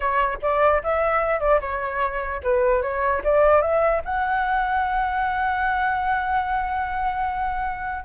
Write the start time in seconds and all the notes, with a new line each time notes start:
0.00 C#5
0.42 D5
0.83 E5
1.39 D5
1.60 C#5
2.43 B4
2.82 C#5
3.23 D5
3.61 E5
4.05 F#5